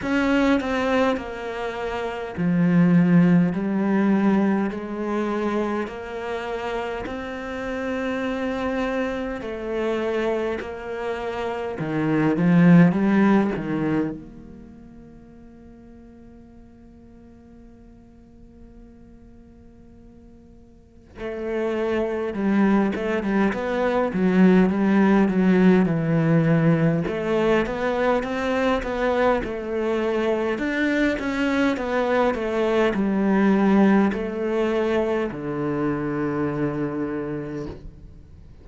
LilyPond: \new Staff \with { instrumentName = "cello" } { \time 4/4 \tempo 4 = 51 cis'8 c'8 ais4 f4 g4 | gis4 ais4 c'2 | a4 ais4 dis8 f8 g8 dis8 | ais1~ |
ais2 a4 g8 a16 g16 | b8 fis8 g8 fis8 e4 a8 b8 | c'8 b8 a4 d'8 cis'8 b8 a8 | g4 a4 d2 | }